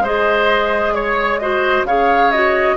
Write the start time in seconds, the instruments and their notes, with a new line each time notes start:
0.00 bassoon G#3, clarinet G#4, oboe C5
0.06 flute D#5
0.95 oboe C#5, flute C#5
1.39 clarinet F#4, oboe C5, flute D#5
1.85 bassoon C#3, clarinet G#4, oboe C#5, flute F5
2.31 clarinet F#4, flute D#5